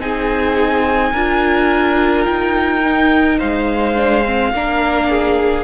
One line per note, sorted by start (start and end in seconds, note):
0.00 1.13 C4
0.00 1.14 D#4
0.00 1.12 G#4
0.00 2.25 G#5
1.12 2.27 D4
1.12 2.83 F4
1.12 3.38 A#4
2.25 3.42 D#4
2.25 3.39 G5
2.83 3.96 D#4
3.38 4.53 G#3
3.38 4.52 C5
3.38 5.64 F5
3.96 4.25 D4
4.25 4.54 C4
4.53 5.64 A#3
4.53 5.64 D4
4.53 5.10 A#4
5.10 5.64 G#4